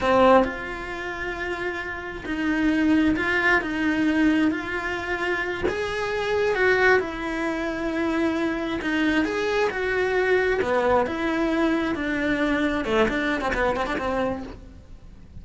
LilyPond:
\new Staff \with { instrumentName = "cello" } { \time 4/4 \tempo 4 = 133 c'4 f'2.~ | f'4 dis'2 f'4 | dis'2 f'2~ | f'8 gis'2 fis'4 e'8~ |
e'2.~ e'8 dis'8~ | dis'8 gis'4 fis'2 b8~ | b8 e'2 d'4.~ | d'8 a8 d'8. c'16 b8 c'16 d'16 c'4 | }